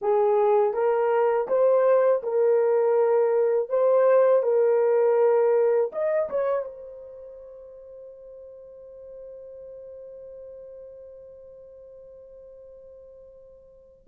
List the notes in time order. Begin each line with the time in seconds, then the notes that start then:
0.01 G#4
0.73 A#4
1.47 C5
2.23 A#4
3.69 C5
4.42 A#4
5.92 D#5
6.29 C#5
6.65 C5